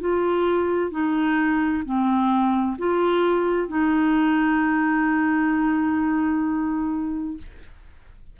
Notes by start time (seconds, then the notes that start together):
0.00 F4
0.91 D#4
1.85 C4
2.78 F4
3.68 D#4